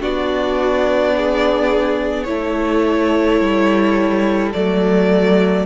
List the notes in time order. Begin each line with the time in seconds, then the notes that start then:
0.00 B3 D4 F#4 D5
1.16 G#4
2.24 A3 E4 A4 C#5
3.40 G3
4.53 F#3 A3 D5